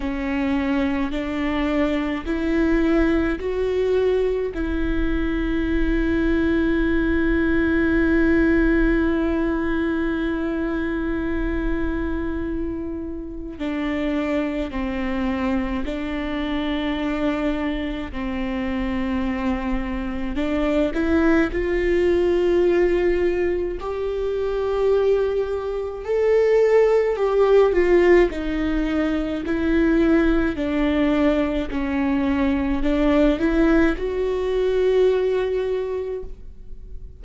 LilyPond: \new Staff \with { instrumentName = "viola" } { \time 4/4 \tempo 4 = 53 cis'4 d'4 e'4 fis'4 | e'1~ | e'1 | d'4 c'4 d'2 |
c'2 d'8 e'8 f'4~ | f'4 g'2 a'4 | g'8 f'8 dis'4 e'4 d'4 | cis'4 d'8 e'8 fis'2 | }